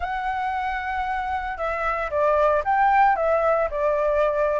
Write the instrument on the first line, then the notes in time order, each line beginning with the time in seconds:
flute
0.00 F#5
1.57 E5
2.10 D5
2.64 G5
3.16 E5
3.70 D5